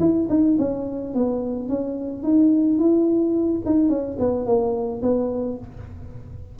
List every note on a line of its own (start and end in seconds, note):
0.00 0.28 E4
0.30 0.57 D#4
0.59 1.14 C#4
1.14 1.69 B3
1.69 2.23 C#4
2.23 2.79 D#4
2.79 3.62 E4
3.65 3.89 D#4
3.89 4.17 C#4
4.19 4.46 B3
4.46 5.02 A#3
5.03 5.58 B3